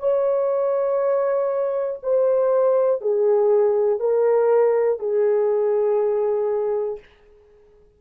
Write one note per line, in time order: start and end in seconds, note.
0.00 2.00 C#5
2.03 3.01 C5
3.01 4.00 G#4
4.00 5.00 A#4
5.00 7.00 G#4